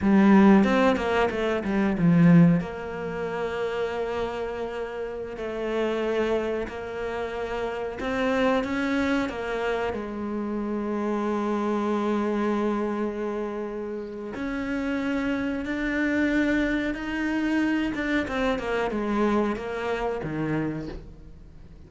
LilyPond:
\new Staff \with { instrumentName = "cello" } { \time 4/4 \tempo 4 = 92 g4 c'8 ais8 a8 g8 f4 | ais1~ | ais16 a2 ais4.~ ais16~ | ais16 c'4 cis'4 ais4 gis8.~ |
gis1~ | gis2 cis'2 | d'2 dis'4. d'8 | c'8 ais8 gis4 ais4 dis4 | }